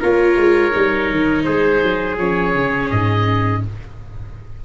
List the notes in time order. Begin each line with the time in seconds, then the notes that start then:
0.00 A#3 F4 A#4 C#5
0.36 G#3
0.71 G3 D#4
1.11 D#3
1.44 G#3 G#4 C5
1.83 F#3
2.18 F3 C#4 C#5
2.54 C#3
2.90 G#2 D#5